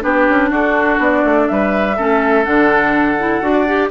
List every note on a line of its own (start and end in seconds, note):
0.00 0.28 B3
0.00 1.94 D4
0.00 0.50 G4
0.00 0.51 B4
0.29 0.51 C#4
0.50 0.99 D4
0.50 1.47 F#4
0.50 1.02 A4
0.99 1.23 B3
0.99 1.48 D5
1.24 1.48 A3
1.48 1.99 G3
1.48 1.97 B4
1.48 2.44 E5
1.97 2.46 A3
1.97 2.45 C#4
1.97 3.53 A4
2.44 3.41 D3
2.44 3.17 D4
2.44 3.89 F#5
3.19 3.41 E4
3.41 3.89 D4
3.41 3.66 F#4
3.53 3.89 D5
3.67 3.91 G4